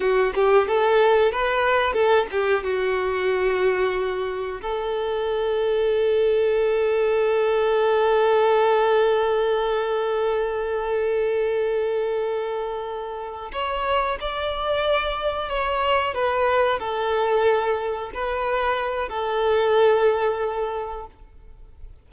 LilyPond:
\new Staff \with { instrumentName = "violin" } { \time 4/4 \tempo 4 = 91 fis'8 g'8 a'4 b'4 a'8 g'8 | fis'2. a'4~ | a'1~ | a'1~ |
a'1~ | a'8 cis''4 d''2 cis''8~ | cis''8 b'4 a'2 b'8~ | b'4 a'2. | }